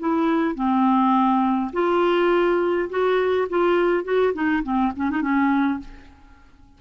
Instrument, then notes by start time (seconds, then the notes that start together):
clarinet
0.00 E4
0.55 C4
1.73 F4
2.90 F#4
3.50 F4
4.05 F#4
4.34 D#4
4.64 C4
4.96 C#4
5.11 D#4
5.22 C#4